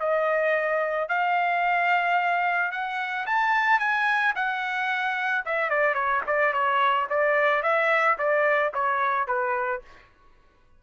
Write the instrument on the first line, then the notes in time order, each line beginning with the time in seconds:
trumpet
0.00 D#5
1.09 F5
2.72 F#5
3.27 A5
3.80 G#5
4.36 F#5
5.46 E5
5.70 D5
5.95 C#5
6.27 D5
6.54 C#5
7.10 D5
7.63 E5
8.19 D5
8.74 C#5
9.28 B4